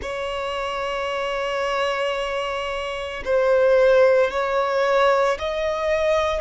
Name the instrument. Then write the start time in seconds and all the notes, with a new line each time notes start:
violin
0.01 C#5
3.24 C5
4.31 C#5
5.39 D#5